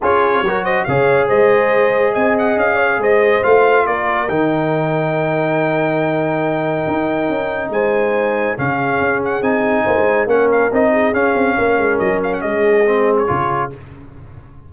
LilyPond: <<
  \new Staff \with { instrumentName = "trumpet" } { \time 4/4 \tempo 4 = 140 cis''4. dis''8 f''4 dis''4~ | dis''4 gis''8 fis''8 f''4 dis''4 | f''4 d''4 g''2~ | g''1~ |
g''2 gis''2 | f''4. fis''8 gis''2 | fis''8 f''8 dis''4 f''2 | dis''8 f''16 fis''16 dis''4.~ dis''16 cis''4~ cis''16 | }
  \new Staff \with { instrumentName = "horn" } { \time 4/4 gis'4 ais'8 c''8 cis''4 c''4~ | c''4 dis''4. cis''8 c''4~ | c''4 ais'2.~ | ais'1~ |
ais'2 c''2 | gis'2. c''4 | ais'4. gis'4. ais'4~ | ais'4 gis'2. | }
  \new Staff \with { instrumentName = "trombone" } { \time 4/4 f'4 fis'4 gis'2~ | gis'1 | f'2 dis'2~ | dis'1~ |
dis'1 | cis'2 dis'2 | cis'4 dis'4 cis'2~ | cis'2 c'4 f'4 | }
  \new Staff \with { instrumentName = "tuba" } { \time 4/4 cis'4 fis4 cis4 gis4~ | gis4 c'4 cis'4 gis4 | a4 ais4 dis2~ | dis1 |
dis'4 cis'4 gis2 | cis4 cis'4 c'4 ais16 gis8. | ais4 c'4 cis'8 c'8 ais8 gis8 | fis4 gis2 cis4 | }
>>